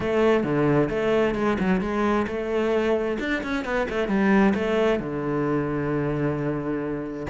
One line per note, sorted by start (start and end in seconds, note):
0.00 0.43 A3
0.43 0.89 D3
0.89 1.35 A3
1.35 1.57 G#3
1.59 1.81 F#3
1.81 2.26 G#3
2.27 3.18 A3
3.19 3.42 D4
3.43 3.64 C#4
3.64 3.87 B3
3.89 4.08 A3
4.08 4.53 G3
4.54 4.99 A3
4.99 7.26 D3